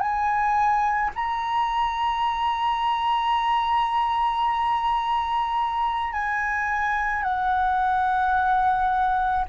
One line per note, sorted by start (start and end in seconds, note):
0.00 1.11 G#5
1.16 6.13 A#5
6.13 7.23 G#5
7.23 9.45 F#5